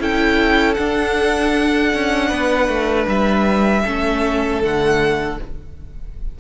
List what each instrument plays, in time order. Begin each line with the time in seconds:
0.00 cello C#4, viola E4, violin A4 G5
0.75 viola D4, cello D4, violin F#5
1.94 cello C#4
2.29 cello B3, violin B4
2.69 cello A3
3.08 cello G3, violin E5
3.85 cello A3, viola C#4, violin A4
4.62 cello D3, viola A3, violin F#5